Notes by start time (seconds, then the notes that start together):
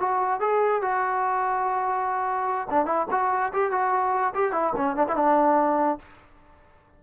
0.00 F#4
0.41 G#4
0.82 F#4
2.71 D4
2.86 E4
3.11 F#4
3.53 G4
3.72 F#4
4.35 G4
4.53 E4
4.77 C#4
4.97 D4
5.09 E4
5.16 D4